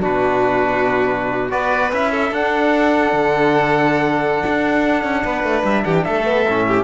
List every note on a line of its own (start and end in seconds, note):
0.00 1.53 B2
0.00 1.50 D4
0.00 1.52 F#4
0.00 1.51 B4
1.50 1.93 B3
1.50 1.91 F#4
1.50 2.12 B4
1.50 1.92 D5
1.93 2.32 C#4
1.93 2.32 E4
1.93 2.34 E5
2.12 5.24 A4
2.32 3.12 D4
2.32 6.24 D4
2.32 5.66 F#5
3.13 4.44 D3
4.47 5.04 D4
5.04 5.24 C#4
5.24 5.44 B3
5.24 5.84 B4
5.44 5.64 A3
5.64 5.85 G3
5.64 5.85 E5
5.85 6.06 E3
5.85 6.05 G4
5.85 5.95 F#5
5.96 6.05 G5
6.05 6.47 A3
6.05 6.67 A4
6.05 6.84 E5
6.24 6.45 B3
6.48 6.84 A2
6.48 6.84 C#4
6.68 6.84 G4